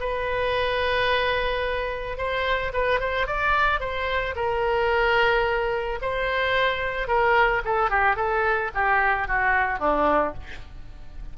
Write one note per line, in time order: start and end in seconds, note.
0.00 2.17 B4
2.17 2.72 C5
2.73 3.00 B4
3.00 3.27 C5
3.27 3.80 D5
3.80 4.34 C5
4.35 5.99 A#4
6.01 7.07 C5
7.07 7.62 A#4
7.64 7.90 A4
7.90 8.16 G4
8.16 8.70 A4
8.74 9.27 G4
9.27 9.79 F#4
9.79 10.33 D4